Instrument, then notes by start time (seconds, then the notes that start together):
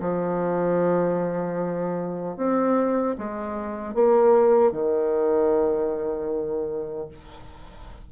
bassoon
0.00 F3
2.36 C4
3.18 G#3
3.94 A#3
4.72 D#3